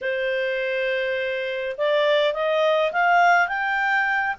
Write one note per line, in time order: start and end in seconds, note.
0.01 1.76 C5
1.77 2.33 D5
2.33 2.92 D#5
2.92 3.48 F5
3.48 4.35 G5